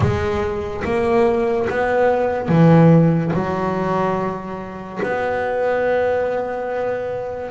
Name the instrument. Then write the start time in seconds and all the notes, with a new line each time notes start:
double bass
0.00 G#3
0.84 A#3
1.69 B3
2.48 E3
3.33 F#3
5.02 B3